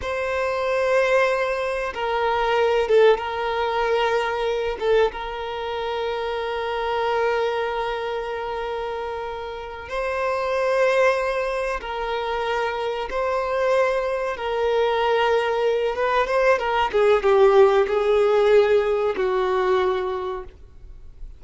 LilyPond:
\new Staff \with { instrumentName = "violin" } { \time 4/4 \tempo 4 = 94 c''2. ais'4~ | ais'8 a'8 ais'2~ ais'8 a'8 | ais'1~ | ais'2.~ ais'8 c''8~ |
c''2~ c''8 ais'4.~ | ais'8 c''2 ais'4.~ | ais'4 b'8 c''8 ais'8 gis'8 g'4 | gis'2 fis'2 | }